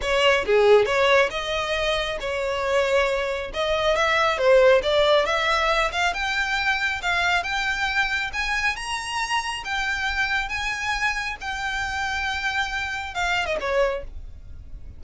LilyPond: \new Staff \with { instrumentName = "violin" } { \time 4/4 \tempo 4 = 137 cis''4 gis'4 cis''4 dis''4~ | dis''4 cis''2. | dis''4 e''4 c''4 d''4 | e''4. f''8 g''2 |
f''4 g''2 gis''4 | ais''2 g''2 | gis''2 g''2~ | g''2 f''8. dis''16 cis''4 | }